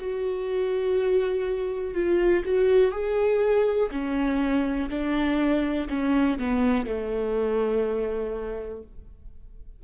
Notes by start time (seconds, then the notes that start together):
0.00 F#4
1.95 F4
2.45 F#4
2.92 G#4
3.92 C#4
4.90 D4
5.90 C#4
6.39 B3
6.87 A3